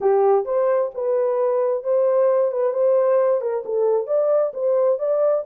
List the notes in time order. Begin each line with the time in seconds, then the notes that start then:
0.01 G4
0.45 C5
0.94 B4
1.83 C5
2.51 B4
2.73 C5
3.41 A#4
3.65 A4
4.07 D5
4.53 C5
4.98 D5